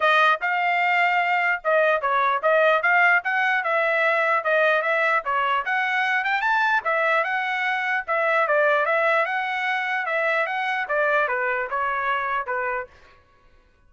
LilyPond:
\new Staff \with { instrumentName = "trumpet" } { \time 4/4 \tempo 4 = 149 dis''4 f''2. | dis''4 cis''4 dis''4 f''4 | fis''4 e''2 dis''4 | e''4 cis''4 fis''4. g''8 |
a''4 e''4 fis''2 | e''4 d''4 e''4 fis''4~ | fis''4 e''4 fis''4 d''4 | b'4 cis''2 b'4 | }